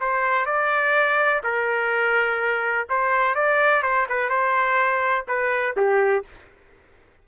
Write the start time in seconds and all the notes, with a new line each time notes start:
0.00 C5
0.46 D5
1.43 A#4
2.89 C5
3.35 D5
3.82 C5
4.09 B4
4.29 C5
5.27 B4
5.76 G4